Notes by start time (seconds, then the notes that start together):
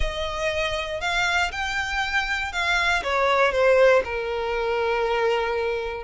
0.00 D#5
1.00 F5
1.51 G5
2.52 F5
3.03 C#5
3.52 C5
4.04 A#4